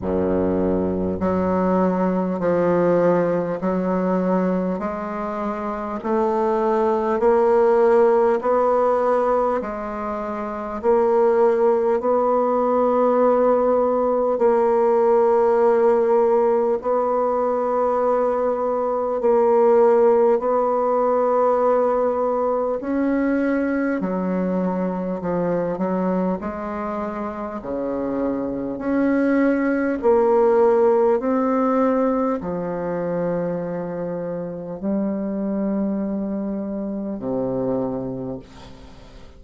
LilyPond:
\new Staff \with { instrumentName = "bassoon" } { \time 4/4 \tempo 4 = 50 fis,4 fis4 f4 fis4 | gis4 a4 ais4 b4 | gis4 ais4 b2 | ais2 b2 |
ais4 b2 cis'4 | fis4 f8 fis8 gis4 cis4 | cis'4 ais4 c'4 f4~ | f4 g2 c4 | }